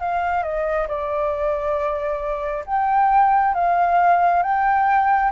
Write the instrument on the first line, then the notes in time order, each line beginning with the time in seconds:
flute
0.00 F5
0.43 D#5
0.88 D5
2.66 G5
3.55 F5
4.43 G5